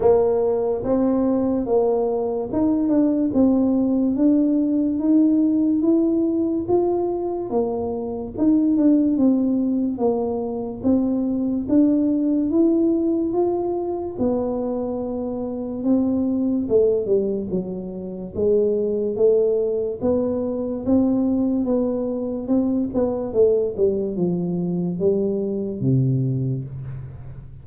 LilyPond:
\new Staff \with { instrumentName = "tuba" } { \time 4/4 \tempo 4 = 72 ais4 c'4 ais4 dis'8 d'8 | c'4 d'4 dis'4 e'4 | f'4 ais4 dis'8 d'8 c'4 | ais4 c'4 d'4 e'4 |
f'4 b2 c'4 | a8 g8 fis4 gis4 a4 | b4 c'4 b4 c'8 b8 | a8 g8 f4 g4 c4 | }